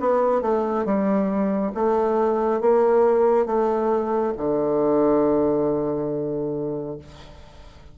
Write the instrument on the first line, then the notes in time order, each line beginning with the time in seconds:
bassoon
0.00 B3
0.42 A3
0.85 G3
1.75 A3
2.61 A#3
3.46 A3
4.37 D3